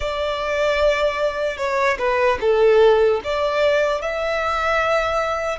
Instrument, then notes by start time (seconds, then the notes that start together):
violin
0.00 D5
1.57 C#5
1.98 B4
2.40 A4
3.24 D5
4.01 E5